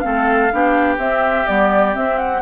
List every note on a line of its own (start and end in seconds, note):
0.00 0.52 A3
0.00 0.50 C4
0.00 0.53 A4
0.00 0.95 F5
0.52 0.98 B3
0.52 0.98 D4
0.52 2.42 G4
0.98 1.45 C4
0.98 1.47 E5
1.47 1.96 G3
1.47 1.93 B3
1.47 1.94 D5
1.93 2.40 C4
1.93 2.42 C4
1.93 2.18 E5
2.18 2.42 F#5